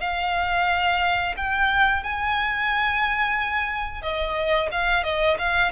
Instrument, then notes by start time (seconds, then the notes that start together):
violin
0.00 F5
1.37 G5
2.03 G#5
4.02 D#5
4.72 F5
5.03 D#5
5.38 F5